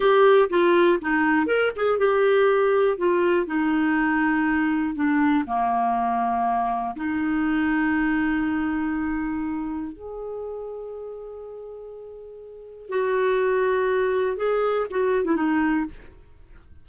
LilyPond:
\new Staff \with { instrumentName = "clarinet" } { \time 4/4 \tempo 4 = 121 g'4 f'4 dis'4 ais'8 gis'8 | g'2 f'4 dis'4~ | dis'2 d'4 ais4~ | ais2 dis'2~ |
dis'1 | gis'1~ | gis'2 fis'2~ | fis'4 gis'4 fis'8. e'16 dis'4 | }